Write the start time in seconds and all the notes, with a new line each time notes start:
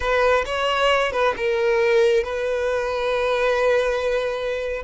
0.00 B4
0.45 C#5
1.12 B4
1.36 A#4
2.23 B4